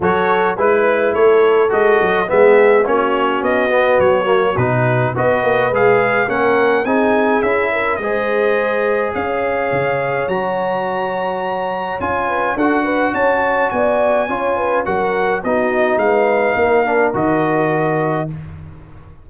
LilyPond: <<
  \new Staff \with { instrumentName = "trumpet" } { \time 4/4 \tempo 4 = 105 cis''4 b'4 cis''4 dis''4 | e''4 cis''4 dis''4 cis''4 | b'4 dis''4 f''4 fis''4 | gis''4 e''4 dis''2 |
f''2 ais''2~ | ais''4 gis''4 fis''4 a''4 | gis''2 fis''4 dis''4 | f''2 dis''2 | }
  \new Staff \with { instrumentName = "horn" } { \time 4/4 a'4 b'4 a'2 | gis'4 fis'2.~ | fis'4 b'2 ais'4 | gis'4. ais'8 c''2 |
cis''1~ | cis''4. b'8 a'8 b'8 cis''4 | d''4 cis''8 b'8 ais'4 fis'4 | b'4 ais'2. | }
  \new Staff \with { instrumentName = "trombone" } { \time 4/4 fis'4 e'2 fis'4 | b4 cis'4. b4 ais8 | dis'4 fis'4 gis'4 cis'4 | dis'4 e'4 gis'2~ |
gis'2 fis'2~ | fis'4 f'4 fis'2~ | fis'4 f'4 fis'4 dis'4~ | dis'4. d'8 fis'2 | }
  \new Staff \with { instrumentName = "tuba" } { \time 4/4 fis4 gis4 a4 gis8 fis8 | gis4 ais4 b4 fis4 | b,4 b8 ais8 gis4 ais4 | c'4 cis'4 gis2 |
cis'4 cis4 fis2~ | fis4 cis'4 d'4 cis'4 | b4 cis'4 fis4 b4 | gis4 ais4 dis2 | }
>>